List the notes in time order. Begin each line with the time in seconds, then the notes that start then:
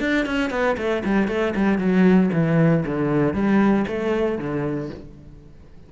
0.00 D4
0.26 C#4
0.50 B3
0.77 A3
1.05 G3
1.28 A3
1.56 G3
1.78 F#3
2.33 E3
2.86 D3
3.34 G3
3.88 A3
4.38 D3